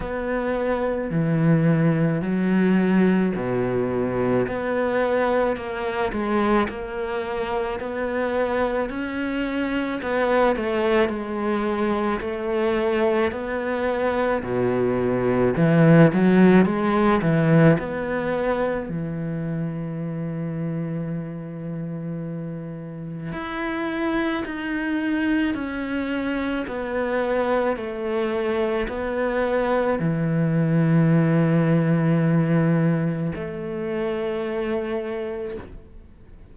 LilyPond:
\new Staff \with { instrumentName = "cello" } { \time 4/4 \tempo 4 = 54 b4 e4 fis4 b,4 | b4 ais8 gis8 ais4 b4 | cis'4 b8 a8 gis4 a4 | b4 b,4 e8 fis8 gis8 e8 |
b4 e2.~ | e4 e'4 dis'4 cis'4 | b4 a4 b4 e4~ | e2 a2 | }